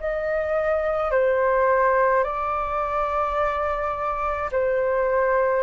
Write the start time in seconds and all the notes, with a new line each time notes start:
0.00 D#5
1.12 C5
2.24 D5
4.52 C5